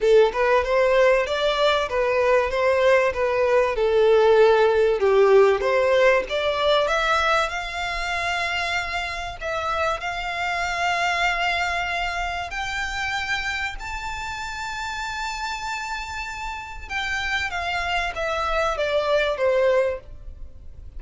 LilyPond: \new Staff \with { instrumentName = "violin" } { \time 4/4 \tempo 4 = 96 a'8 b'8 c''4 d''4 b'4 | c''4 b'4 a'2 | g'4 c''4 d''4 e''4 | f''2. e''4 |
f''1 | g''2 a''2~ | a''2. g''4 | f''4 e''4 d''4 c''4 | }